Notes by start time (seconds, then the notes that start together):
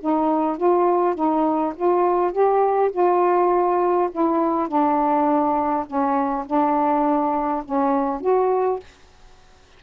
0.00 D#4
0.57 F4
1.15 D#4
1.75 F4
2.32 G4
2.91 F4
4.11 E4
4.68 D4
5.86 C#4
6.46 D4
7.64 C#4
8.21 F#4